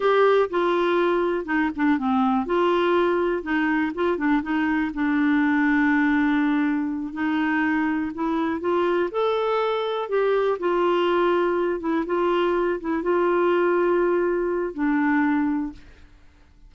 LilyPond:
\new Staff \with { instrumentName = "clarinet" } { \time 4/4 \tempo 4 = 122 g'4 f'2 dis'8 d'8 | c'4 f'2 dis'4 | f'8 d'8 dis'4 d'2~ | d'2~ d'8 dis'4.~ |
dis'8 e'4 f'4 a'4.~ | a'8 g'4 f'2~ f'8 | e'8 f'4. e'8 f'4.~ | f'2 d'2 | }